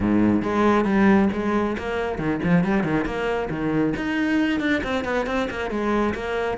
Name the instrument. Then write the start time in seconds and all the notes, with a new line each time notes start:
cello
0.00 G#2
0.42 G#3
0.85 G3
1.33 G#3
1.77 A#3
2.18 D#3
2.43 F3
2.64 G3
2.83 D#3
3.05 A#3
3.50 D#3
3.96 D#4
4.60 D4
4.83 C4
5.04 B3
5.26 C4
5.50 A#3
5.70 G#3
6.14 A#3